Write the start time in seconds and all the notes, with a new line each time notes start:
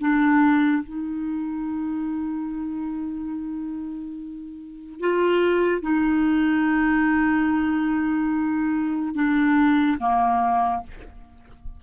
0.00 D4
0.84 D#4
5.00 F4
5.82 D#4
9.15 D4
10.00 A#3